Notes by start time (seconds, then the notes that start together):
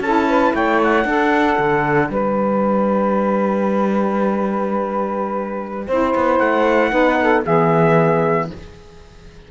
0.00 C#4 E4 A4 A5
0.28 B4
0.53 A3 C#5 G5
0.83 F#5
1.04 D4 A4
1.58 D3
2.09 G3 B4 G5
5.87 C4 E4 C5
6.15 B3
6.38 A3 F#5
6.91 B3 D#4 B4
7.21 A4
7.44 E3 B3 G#4 E5